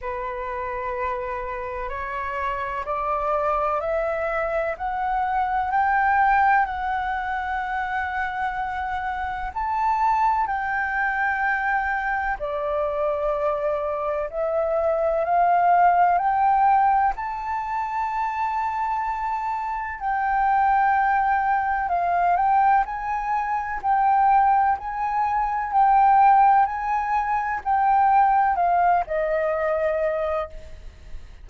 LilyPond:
\new Staff \with { instrumentName = "flute" } { \time 4/4 \tempo 4 = 63 b'2 cis''4 d''4 | e''4 fis''4 g''4 fis''4~ | fis''2 a''4 g''4~ | g''4 d''2 e''4 |
f''4 g''4 a''2~ | a''4 g''2 f''8 g''8 | gis''4 g''4 gis''4 g''4 | gis''4 g''4 f''8 dis''4. | }